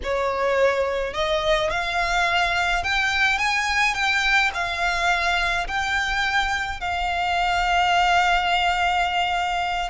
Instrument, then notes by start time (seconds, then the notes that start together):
violin
0.03 C#5
1.13 D#5
1.70 F5
2.83 G5
3.38 G#5
3.94 G5
4.53 F5
5.67 G5
6.80 F5